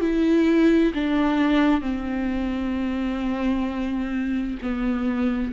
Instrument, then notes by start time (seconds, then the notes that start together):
viola
0.00 E4
0.94 D4
1.81 C4
4.62 B3